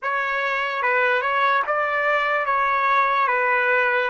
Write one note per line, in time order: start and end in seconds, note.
0.02 0.82 C#5
0.82 1.21 B4
1.21 1.62 C#5
1.66 2.45 D5
2.45 3.27 C#5
3.27 4.09 B4